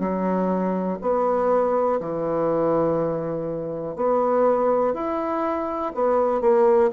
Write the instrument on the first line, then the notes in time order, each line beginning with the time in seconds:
bassoon
0.00 F#3
1.02 B3
2.01 E3
3.96 B3
4.94 E4
5.95 B3
6.42 A#3